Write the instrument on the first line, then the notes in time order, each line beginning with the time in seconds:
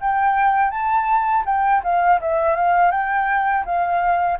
flute
0.00 G5
0.71 A5
1.45 G5
1.83 F5
2.21 E5
2.55 F5
2.91 G5
3.65 F5